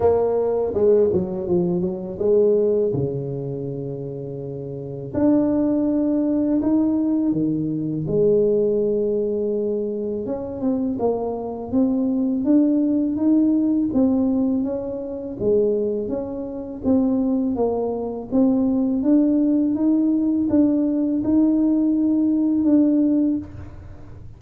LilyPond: \new Staff \with { instrumentName = "tuba" } { \time 4/4 \tempo 4 = 82 ais4 gis8 fis8 f8 fis8 gis4 | cis2. d'4~ | d'4 dis'4 dis4 gis4~ | gis2 cis'8 c'8 ais4 |
c'4 d'4 dis'4 c'4 | cis'4 gis4 cis'4 c'4 | ais4 c'4 d'4 dis'4 | d'4 dis'2 d'4 | }